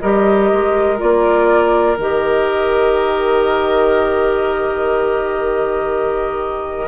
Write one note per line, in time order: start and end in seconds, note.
0.00 0.51 G3
0.00 0.97 G4
0.00 6.88 A#4
0.00 0.98 D#5
0.53 1.01 G#3
0.97 1.97 A#3
0.97 1.96 F4
0.97 1.97 D5
1.97 6.88 D#3
1.97 6.88 G4
1.97 6.88 D#5